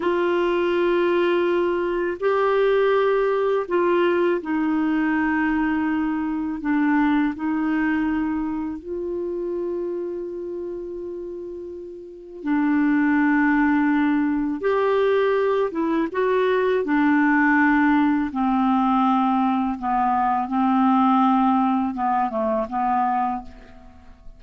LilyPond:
\new Staff \with { instrumentName = "clarinet" } { \time 4/4 \tempo 4 = 82 f'2. g'4~ | g'4 f'4 dis'2~ | dis'4 d'4 dis'2 | f'1~ |
f'4 d'2. | g'4. e'8 fis'4 d'4~ | d'4 c'2 b4 | c'2 b8 a8 b4 | }